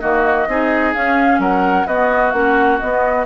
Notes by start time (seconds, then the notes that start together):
0.00 D#3 A#3 F#4 D#5
0.47 C4 D#4 G#4
0.94 C#4 F5
1.39 F#3 A#4 F#5
1.86 B3 F#4 D#5
2.31 A#3 C#4 F#5
2.79 B3 D#5